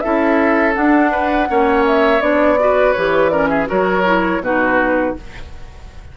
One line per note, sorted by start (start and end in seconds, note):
0.00 0.76 C#4
0.00 0.73 E4
0.00 1.11 A4
0.00 0.73 E5
0.73 1.47 D4
0.73 1.49 D4
0.73 1.85 F#5
1.11 1.48 B4
1.48 2.21 A#3
1.48 2.21 C#4
1.48 2.60 C#5
1.87 2.21 E5
2.21 2.94 B3
2.21 2.57 D4
2.21 2.92 D5
2.59 2.96 F#4
2.59 3.32 B4
2.92 3.70 E3
2.92 3.32 G4
2.92 3.29 C#5
3.29 3.67 C#4
3.29 3.49 A#4
3.29 3.48 D5
3.49 3.68 G#4
3.49 3.67 E5
3.67 4.40 F#3
3.67 4.03 F#4
3.67 4.42 A#4
3.67 4.43 C#5
4.06 4.42 E4
4.40 5.13 B2
4.40 5.16 D#4
4.40 5.17 F#4
4.40 5.16 B4